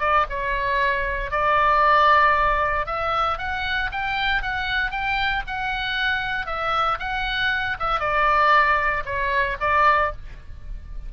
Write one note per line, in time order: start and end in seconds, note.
0.00 0.26 D5
0.30 1.31 C#5
1.31 2.86 D5
2.87 3.38 E5
3.39 3.90 F#5
3.92 4.42 G5
4.42 4.91 F#5
4.91 5.43 G5
5.47 6.47 F#5
6.47 6.98 E5
7.00 7.77 F#5
7.79 8.00 E5
8.00 9.04 D5
9.05 9.57 C#5
9.60 10.12 D5